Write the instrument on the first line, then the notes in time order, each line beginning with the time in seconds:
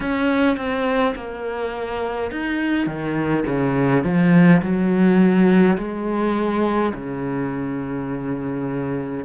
cello
0.00 C#4
0.57 C4
1.15 A#3
2.31 D#4
2.86 D#3
3.46 C#3
4.03 F3
4.62 F#3
5.77 G#3
6.93 C#3